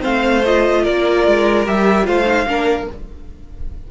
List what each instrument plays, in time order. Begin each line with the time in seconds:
0.00 cello A3, viola C4, violin C5 F5
0.45 viola F4, violin D#5
0.83 cello A#3, violin A#4 D5
1.27 cello G#3
1.65 cello G3, viola G4, violin E5
2.04 cello A3, viola F4, violin C5 F5
2.25 viola D#4
2.46 cello A#3, viola D4, violin A#4